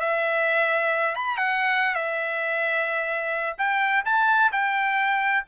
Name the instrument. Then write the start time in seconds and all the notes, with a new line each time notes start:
trumpet
0.00 E5
1.15 B5
1.37 F#5
1.95 E5
3.58 G5
4.05 A5
4.52 G5